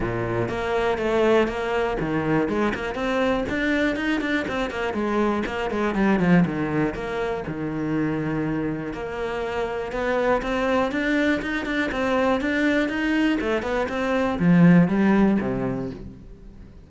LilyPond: \new Staff \with { instrumentName = "cello" } { \time 4/4 \tempo 4 = 121 ais,4 ais4 a4 ais4 | dis4 gis8 ais8 c'4 d'4 | dis'8 d'8 c'8 ais8 gis4 ais8 gis8 | g8 f8 dis4 ais4 dis4~ |
dis2 ais2 | b4 c'4 d'4 dis'8 d'8 | c'4 d'4 dis'4 a8 b8 | c'4 f4 g4 c4 | }